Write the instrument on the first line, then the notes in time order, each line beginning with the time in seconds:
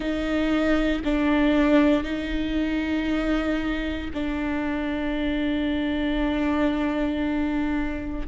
viola
0.00 D#4
1.04 D4
2.03 D#4
4.13 D4